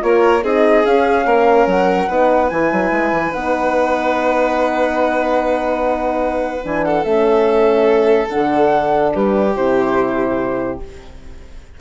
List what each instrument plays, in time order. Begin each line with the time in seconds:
0.00 bassoon A#3, horn F4, violin A#4, flute C#5
0.43 bassoon C4, horn D#4, violin G#4, flute D#5
0.85 bassoon C#4, horn C#4, flute F5
1.25 bassoon A#3, violin A#4
1.66 bassoon F#3, flute F#5
2.08 bassoon B3, horn D#4, violin B4
2.49 bassoon E3, horn E4, flute G#5
2.72 bassoon F#3
2.91 bassoon G#3
3.12 bassoon E3
3.30 bassoon B3, horn D#4, flute F#5
6.63 bassoon E3, horn D4, flute G#5
6.84 violin A4, flute F#5
7.03 bassoon A3, horn C#4, flute E5
8.29 bassoon D3, horn D4, flute F#5
9.13 bassoon G3, violin G4, flute B4
9.55 bassoon C3, horn E4, flute C5